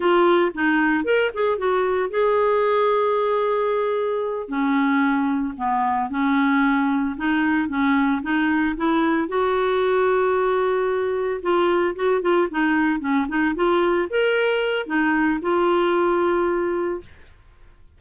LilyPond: \new Staff \with { instrumentName = "clarinet" } { \time 4/4 \tempo 4 = 113 f'4 dis'4 ais'8 gis'8 fis'4 | gis'1~ | gis'8 cis'2 b4 cis'8~ | cis'4. dis'4 cis'4 dis'8~ |
dis'8 e'4 fis'2~ fis'8~ | fis'4. f'4 fis'8 f'8 dis'8~ | dis'8 cis'8 dis'8 f'4 ais'4. | dis'4 f'2. | }